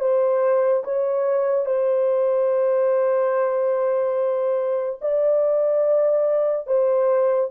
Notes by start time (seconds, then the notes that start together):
0.00 C5
0.84 C#5
1.66 C5
5.01 D5
6.67 C5